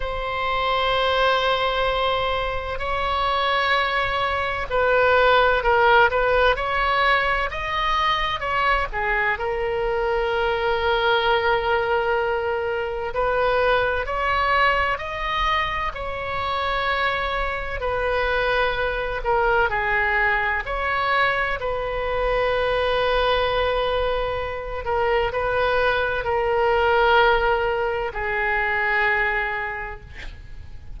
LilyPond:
\new Staff \with { instrumentName = "oboe" } { \time 4/4 \tempo 4 = 64 c''2. cis''4~ | cis''4 b'4 ais'8 b'8 cis''4 | dis''4 cis''8 gis'8 ais'2~ | ais'2 b'4 cis''4 |
dis''4 cis''2 b'4~ | b'8 ais'8 gis'4 cis''4 b'4~ | b'2~ b'8 ais'8 b'4 | ais'2 gis'2 | }